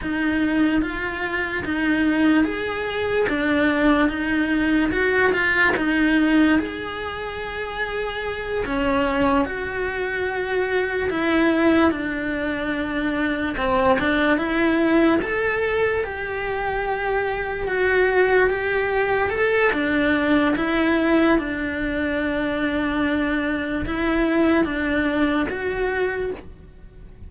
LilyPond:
\new Staff \with { instrumentName = "cello" } { \time 4/4 \tempo 4 = 73 dis'4 f'4 dis'4 gis'4 | d'4 dis'4 fis'8 f'8 dis'4 | gis'2~ gis'8 cis'4 fis'8~ | fis'4. e'4 d'4.~ |
d'8 c'8 d'8 e'4 a'4 g'8~ | g'4. fis'4 g'4 a'8 | d'4 e'4 d'2~ | d'4 e'4 d'4 fis'4 | }